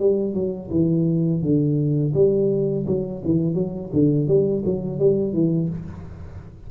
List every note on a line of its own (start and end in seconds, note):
0.00 0.34 G3
0.34 0.70 F#3
0.71 1.42 E3
1.42 2.13 D3
2.15 2.86 G3
2.87 3.22 F#3
3.25 3.55 E3
3.55 3.90 F#3
3.93 4.28 D3
4.28 4.63 G3
4.66 4.99 F#3
4.99 5.34 G3
5.34 5.69 E3